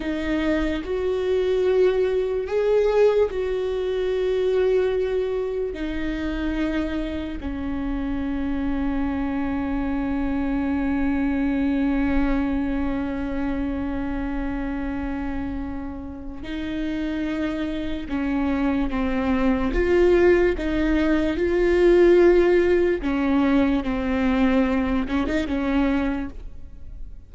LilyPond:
\new Staff \with { instrumentName = "viola" } { \time 4/4 \tempo 4 = 73 dis'4 fis'2 gis'4 | fis'2. dis'4~ | dis'4 cis'2.~ | cis'1~ |
cis'1 | dis'2 cis'4 c'4 | f'4 dis'4 f'2 | cis'4 c'4. cis'16 dis'16 cis'4 | }